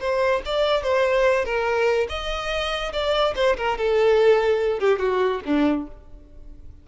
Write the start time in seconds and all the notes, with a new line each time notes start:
0.00 C5
0.45 D5
0.83 C5
1.45 A#4
2.09 D#5
2.92 D5
3.35 C5
3.57 A#4
3.77 A4
4.79 G4
4.99 F#4
5.45 D4